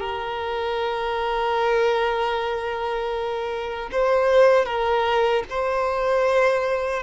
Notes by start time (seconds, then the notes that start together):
0.00 A#4
3.92 C5
4.66 A#4
5.50 C5